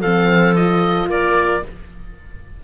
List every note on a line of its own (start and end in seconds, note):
0.00 1.08 F3
0.00 0.56 C4
0.00 1.07 A4
0.00 0.55 F5
0.55 1.63 F4
0.55 1.09 D#5
1.08 1.61 A#3
1.08 1.62 A#4
1.08 1.64 D5